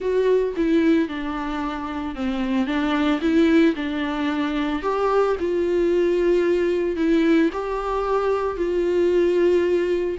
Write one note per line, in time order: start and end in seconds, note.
0.00 0.54 F#4
0.56 1.08 E4
1.08 2.15 D4
2.15 2.66 C4
2.66 3.20 D4
3.21 3.74 E4
3.75 4.82 D4
4.82 5.36 G4
5.39 6.96 F4
6.96 7.50 E4
7.52 8.57 G4
8.57 10.17 F4